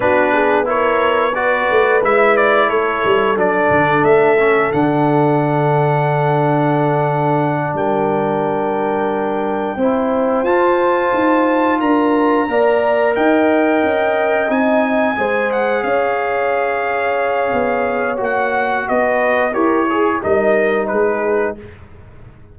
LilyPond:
<<
  \new Staff \with { instrumentName = "trumpet" } { \time 4/4 \tempo 4 = 89 b'4 cis''4 d''4 e''8 d''8 | cis''4 d''4 e''4 fis''4~ | fis''2.~ fis''8 g''8~ | g''2.~ g''8 a''8~ |
a''4. ais''2 g''8~ | g''4. gis''4. fis''8 f''8~ | f''2. fis''4 | dis''4 cis''4 dis''4 b'4 | }
  \new Staff \with { instrumentName = "horn" } { \time 4/4 fis'8 gis'8 ais'4 b'2 | a'1~ | a'2.~ a'8 ais'8~ | ais'2~ ais'8 c''4.~ |
c''4. ais'4 d''4 dis''8~ | dis''2~ dis''8 c''4 cis''8~ | cis''1 | b'4 ais'8 gis'8 ais'4 gis'4 | }
  \new Staff \with { instrumentName = "trombone" } { \time 4/4 d'4 e'4 fis'4 e'4~ | e'4 d'4. cis'8 d'4~ | d'1~ | d'2~ d'8 e'4 f'8~ |
f'2~ f'8 ais'4.~ | ais'4. dis'4 gis'4.~ | gis'2. fis'4~ | fis'4 g'8 gis'8 dis'2 | }
  \new Staff \with { instrumentName = "tuba" } { \time 4/4 b2~ b8 a8 gis4 | a8 g8 fis8 d8 a4 d4~ | d2.~ d8 g8~ | g2~ g8 c'4 f'8~ |
f'8 dis'4 d'4 ais4 dis'8~ | dis'8 cis'4 c'4 gis4 cis'8~ | cis'2 b4 ais4 | b4 e'4 g4 gis4 | }
>>